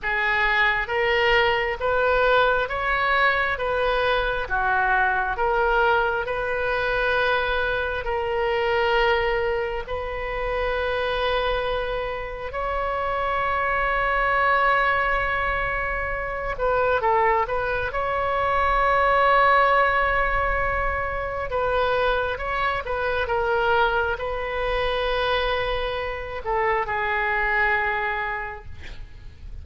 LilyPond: \new Staff \with { instrumentName = "oboe" } { \time 4/4 \tempo 4 = 67 gis'4 ais'4 b'4 cis''4 | b'4 fis'4 ais'4 b'4~ | b'4 ais'2 b'4~ | b'2 cis''2~ |
cis''2~ cis''8 b'8 a'8 b'8 | cis''1 | b'4 cis''8 b'8 ais'4 b'4~ | b'4. a'8 gis'2 | }